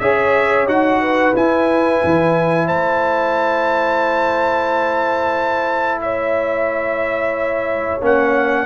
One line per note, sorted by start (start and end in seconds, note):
0.00 0.67 C#4
0.00 0.68 G#4
0.00 1.02 C#5
0.00 0.67 E5
0.67 1.34 D#4
0.67 1.35 F#4
0.67 1.36 F#5
1.02 2.67 B4
1.35 2.02 E4
1.35 8.02 E4
1.35 2.68 G#5
2.04 2.70 E3
2.67 8.02 A3
2.67 6.01 C5
2.67 6.02 A5
6.02 8.67 C#5
6.02 8.02 E5
8.02 8.67 A#3
8.02 8.67 C#4
8.02 8.67 F#5